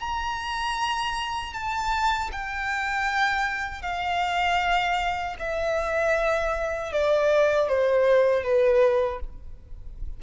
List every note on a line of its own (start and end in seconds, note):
0.00 1.53 A#5
1.53 2.30 A5
2.32 3.82 G5
3.82 5.36 F5
5.38 6.92 E5
6.92 7.68 D5
7.68 8.43 C5
8.43 9.20 B4